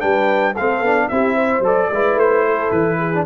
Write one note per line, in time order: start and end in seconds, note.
0.00 0.57 G3
0.00 0.54 D4
0.00 0.53 B4
0.00 0.55 G5
0.53 0.81 A3
0.53 0.85 C4
0.53 1.08 A4
0.53 1.09 F5
0.81 1.08 B3
0.81 1.11 D4
1.09 1.60 C4
1.09 1.64 E4
1.09 1.35 G4
1.09 1.63 E5
1.35 1.89 C5
1.60 1.87 F#3
1.60 1.91 A4
1.66 2.19 D5
1.91 2.15 G#3
1.91 3.15 E4
1.91 2.46 B4
2.15 2.69 A3
2.15 2.71 C5
2.46 2.99 A4
2.71 3.26 E3
2.71 3.25 B4
2.99 3.26 G#4
3.15 3.26 D4